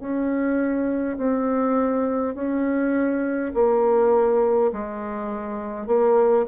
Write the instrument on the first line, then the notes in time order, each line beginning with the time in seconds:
bassoon
0.00 C#4
1.17 C4
2.35 C#4
3.53 A#3
4.72 G#3
5.87 A#3